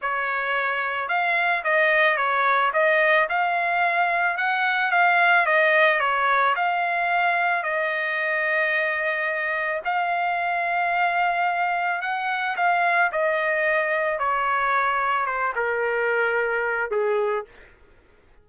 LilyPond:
\new Staff \with { instrumentName = "trumpet" } { \time 4/4 \tempo 4 = 110 cis''2 f''4 dis''4 | cis''4 dis''4 f''2 | fis''4 f''4 dis''4 cis''4 | f''2 dis''2~ |
dis''2 f''2~ | f''2 fis''4 f''4 | dis''2 cis''2 | c''8 ais'2~ ais'8 gis'4 | }